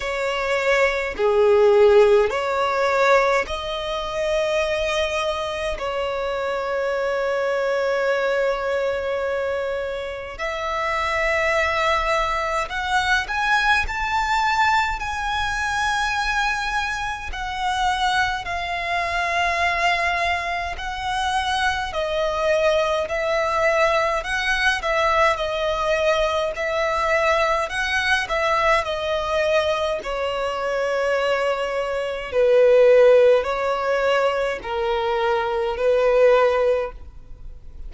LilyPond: \new Staff \with { instrumentName = "violin" } { \time 4/4 \tempo 4 = 52 cis''4 gis'4 cis''4 dis''4~ | dis''4 cis''2.~ | cis''4 e''2 fis''8 gis''8 | a''4 gis''2 fis''4 |
f''2 fis''4 dis''4 | e''4 fis''8 e''8 dis''4 e''4 | fis''8 e''8 dis''4 cis''2 | b'4 cis''4 ais'4 b'4 | }